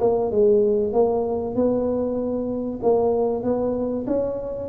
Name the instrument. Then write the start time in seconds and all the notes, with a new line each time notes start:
tuba
0.00 A#3
0.31 G#3
0.93 A#3
1.55 B3
2.82 A#3
3.43 B3
4.07 C#4